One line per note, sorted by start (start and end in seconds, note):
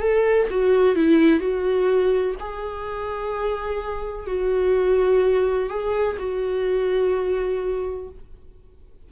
0.00 0.48 A4
0.50 0.95 F#4
0.95 1.40 E4
1.40 2.35 F#4
2.40 4.27 G#4
4.27 5.69 F#4
5.69 6.17 G#4
6.19 8.09 F#4